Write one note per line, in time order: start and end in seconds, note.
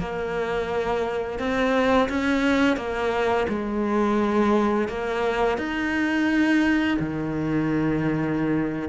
0.00 1.39 A#3
1.39 2.09 C4
2.09 2.77 C#4
2.77 3.47 A#3
3.49 4.88 G#3
4.88 5.58 A#3
5.58 6.98 D#4
7.00 8.89 D#3